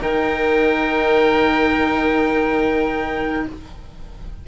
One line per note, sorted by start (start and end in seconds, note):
0.00 3.45 D#3
0.00 3.46 D#4
0.00 3.47 A#4
0.00 3.48 G5